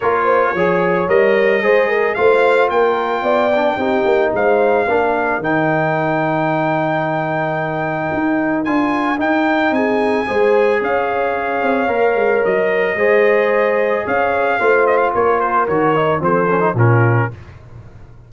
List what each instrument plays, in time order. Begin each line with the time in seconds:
0.00 tuba A#3, trombone F4, horn A#4, trumpet C#5
0.24 horn C5
0.54 tuba F3, trombone G#4, horn C#5
1.08 tuba G3, trombone A#4, trumpet D#5
1.62 tuba G#3, trombone G#4, horn C5
1.88 horn A#4
2.14 tuba A3, trombone F4, horn C5, trumpet F5
2.69 tuba A#3, horn A#4, trumpet G5
3.22 tuba B3, horn D5
3.55 trombone D4
3.77 tuba C4, trombone D#4, horn G4
4.04 tuba A#3
4.33 tuba G#3, horn C5, trumpet F5
4.87 tuba A#3, trombone D4, horn A#4
5.38 tuba D#3, trombone D#4, trumpet G5
8.13 tuba D#4
8.64 tuba D4, trombone F4, trumpet G#5
9.17 trombone D#4, tuba D#4, trumpet G5
9.71 tuba C4, horn G#4, trumpet G#5
10.26 tuba G#3, trombone G#4, horn C5
10.81 tuba C#4, horn C#5, trumpet F5
11.62 tuba C4
11.87 tuba A#3, trombone A#4
12.15 tuba G#3
12.44 tuba F#3, trumpet D#5
12.94 tuba G#3, trombone G#4, horn C5
14.05 tuba C#4, horn C#5, trumpet F5
14.59 tuba A3, trombone F4, horn C5
14.86 trumpet D#5
14.97 trumpet F5
15.14 tuba A#3, horn A#4, trumpet C#5
15.39 trumpet C5
15.68 tuba D#3, trombone F#4, trumpet C#5
15.95 trombone D#4
16.19 tuba F3, trombone C4, horn A4, trumpet C5
16.49 trombone C#4
16.60 trombone D#4
16.74 tuba A#2, trombone C#4, horn F4, trumpet A#4